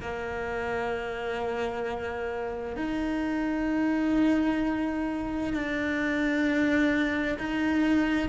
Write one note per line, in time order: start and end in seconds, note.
0.00 2.76 A#3
2.76 5.53 D#4
5.53 7.38 D4
7.38 8.29 D#4